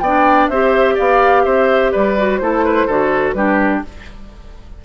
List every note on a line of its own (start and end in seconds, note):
0.00 0.49 B3
0.00 0.53 D4
0.00 0.50 D5
0.00 0.48 G5
0.49 0.97 C4
0.49 2.18 G4
0.49 0.95 C5
0.49 0.96 E5
0.95 1.46 B3
0.95 1.43 D5
0.95 1.44 F5
1.44 1.93 C4
1.44 1.92 C5
1.44 1.92 E5
1.92 2.41 G3
1.92 2.40 B4
1.92 2.38 D5
2.18 2.41 F#4
2.38 2.88 A3
2.38 2.89 E4
2.38 2.65 A4
2.38 3.32 C5
2.65 2.87 B4
2.87 3.34 D3
2.87 3.37 F#4
2.87 3.35 A4
3.32 3.82 G3
3.32 3.84 D4
3.32 3.85 G4
3.32 3.80 B4